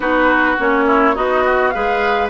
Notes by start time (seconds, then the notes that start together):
0.00 B3 D#4 F#4 B4
0.57 A#3 C#4 C#5
0.86 E4
1.14 B3 D#4 F#4 D#5
1.45 F#4
1.70 G#3 G#4 B4 F5